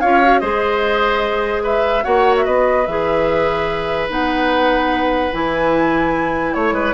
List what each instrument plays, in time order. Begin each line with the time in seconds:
0.00 bassoon C#4, clarinet F4, oboe C#5, flute F5
0.23 clarinet F#4
0.39 bassoon G#3, clarinet G#4, oboe C5, flute D#5
1.63 oboe B4, flute E5
2.03 bassoon A#3, clarinet F#4, oboe C#5, flute F#5
2.36 flute E5
2.45 bassoon B3, oboe B4, flute D#5
2.86 bassoon E3, clarinet G#4, flute E5
4.08 bassoon B3, clarinet D#4, flute F#5
5.32 bassoon E3, clarinet E4, flute G#5
6.53 bassoon A3, flute C#5, oboe C#5
6.72 bassoon G#3, oboe B4